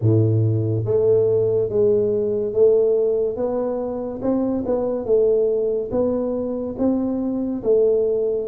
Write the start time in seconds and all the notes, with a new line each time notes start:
0.01 A2
0.85 A3
1.69 G#3
2.53 A3
3.36 B3
4.21 C4
4.66 B3
5.05 A3
5.91 B3
6.78 C4
7.63 A3